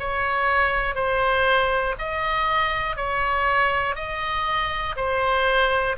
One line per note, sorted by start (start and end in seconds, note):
0.00 0.95 C#5
0.95 1.95 C5
1.99 2.97 D#5
2.97 3.95 C#5
3.95 4.95 D#5
4.97 5.97 C5